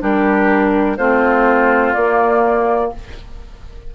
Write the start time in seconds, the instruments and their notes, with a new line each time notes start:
0.00 bassoon G3, clarinet D4, oboe G4, flute A#4
0.97 bassoon A3, clarinet C4, oboe F4, flute C5
1.93 bassoon A#3, clarinet A#3, flute D5